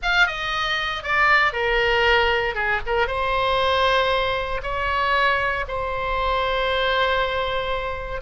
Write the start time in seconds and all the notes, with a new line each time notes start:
0.02 F5
0.27 D#5
1.03 D5
1.52 A#4
2.54 G#4
2.86 A#4
3.07 C5
4.62 C#5
5.67 C5